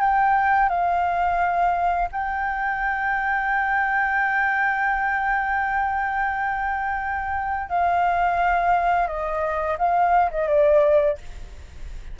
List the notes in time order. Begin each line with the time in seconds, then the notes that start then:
0.00 G5
0.69 F5
2.12 G5
7.69 F5
9.07 D#5
9.78 F5
10.31 D#5
10.48 D5